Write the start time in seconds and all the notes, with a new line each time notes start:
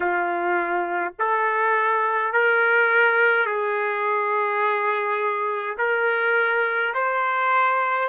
0.00 F4
1.19 A4
2.32 A#4
3.46 G#4
5.77 A#4
6.94 C5